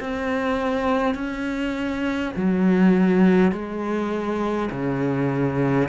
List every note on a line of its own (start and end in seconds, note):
0.00 1.14 C4
1.14 2.32 C#4
2.36 3.52 F#3
3.52 4.70 G#3
4.71 5.88 C#3